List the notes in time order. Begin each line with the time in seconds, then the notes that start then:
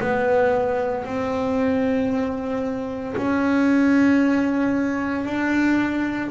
0.00 B3
1.05 C4
3.17 C#4
5.25 D4